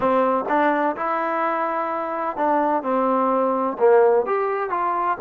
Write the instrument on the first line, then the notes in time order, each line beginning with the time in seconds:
trombone
0.00 C4
0.48 D4
0.96 E4
2.36 D4
2.82 C4
3.78 A#3
4.26 G4
4.70 F4